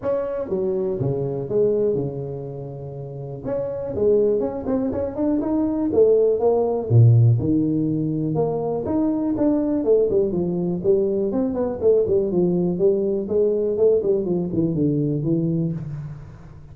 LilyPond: \new Staff \with { instrumentName = "tuba" } { \time 4/4 \tempo 4 = 122 cis'4 fis4 cis4 gis4 | cis2. cis'4 | gis4 cis'8 c'8 cis'8 d'8 dis'4 | a4 ais4 ais,4 dis4~ |
dis4 ais4 dis'4 d'4 | a8 g8 f4 g4 c'8 b8 | a8 g8 f4 g4 gis4 | a8 g8 f8 e8 d4 e4 | }